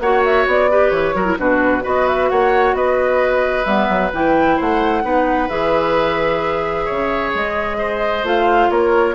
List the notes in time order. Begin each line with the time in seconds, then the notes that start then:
0.00 A#3 F#4 C#5 F#5
0.24 E5
0.47 B3 D5
0.70 G4 B4
0.90 E3 C#5
1.14 F#3 F#4 A#4
1.26 E4
1.38 B2 D4 F#4 B4
1.82 B3 F#4 B4 D#5
2.09 E5
2.30 A#3 C#5 F#5
2.74 B3 B4 D#5
3.65 G3 B3 E5
3.89 F#3
4.13 E3 E4 G5
4.57 A3 C5 F#5
5.03 B3 D#4 B4
5.49 E3 G#4 E5
6.85 C#3 C#5
7.34 G#3 D#5
7.78 C5
8.23 A3 F4 F5
8.70 A#3 A#4 C#5